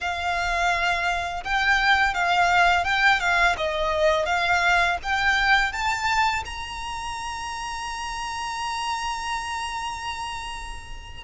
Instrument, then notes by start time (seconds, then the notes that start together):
violin
0.00 F5
1.44 G5
2.14 F5
2.84 G5
3.19 F5
3.57 D#5
4.25 F5
5.03 G5
5.72 A5
6.44 A#5